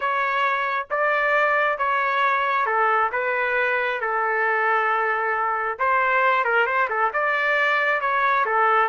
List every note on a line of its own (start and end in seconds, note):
0.00 0.87 C#5
0.90 1.78 D5
1.78 2.66 C#5
2.66 3.10 A4
3.12 4.00 B4
4.00 5.78 A4
5.78 6.44 C5
6.44 6.66 A#4
6.66 6.88 C5
6.89 7.12 A4
7.13 8.01 D5
8.01 8.45 C#5
8.45 8.88 A4